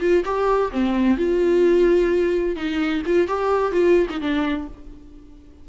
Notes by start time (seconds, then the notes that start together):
0.00 F4
0.25 G4
0.71 C4
1.17 F4
2.56 D#4
3.06 F4
3.27 G4
3.72 F4
4.10 D#4
4.21 D4